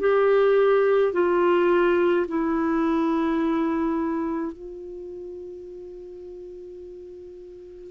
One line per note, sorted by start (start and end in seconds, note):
0.00 1.13 G4
1.13 2.26 F4
2.28 4.52 E4
4.52 7.91 F4